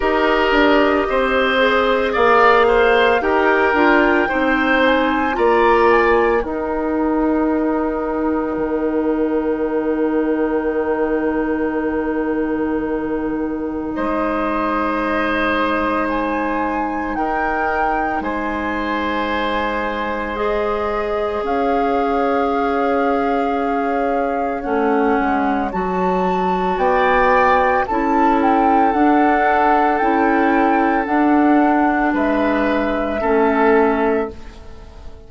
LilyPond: <<
  \new Staff \with { instrumentName = "flute" } { \time 4/4 \tempo 4 = 56 dis''2 f''4 g''4~ | g''8 gis''8 ais''8 gis''8 g''2~ | g''1~ | g''4 dis''2 gis''4 |
g''4 gis''2 dis''4 | f''2. fis''4 | a''4 g''4 a''8 g''8 fis''4 | g''4 fis''4 e''2 | }
  \new Staff \with { instrumentName = "oboe" } { \time 4/4 ais'4 c''4 d''8 c''8 ais'4 | c''4 d''4 ais'2~ | ais'1~ | ais'4 c''2. |
ais'4 c''2. | cis''1~ | cis''4 d''4 a'2~ | a'2 b'4 a'4 | }
  \new Staff \with { instrumentName = "clarinet" } { \time 4/4 g'4. gis'4. g'8 f'8 | dis'4 f'4 dis'2~ | dis'1~ | dis'1~ |
dis'2. gis'4~ | gis'2. cis'4 | fis'2 e'4 d'4 | e'4 d'2 cis'4 | }
  \new Staff \with { instrumentName = "bassoon" } { \time 4/4 dis'8 d'8 c'4 ais4 dis'8 d'8 | c'4 ais4 dis'2 | dis1~ | dis4 gis2. |
dis'4 gis2. | cis'2. a8 gis8 | fis4 b4 cis'4 d'4 | cis'4 d'4 gis4 a4 | }
>>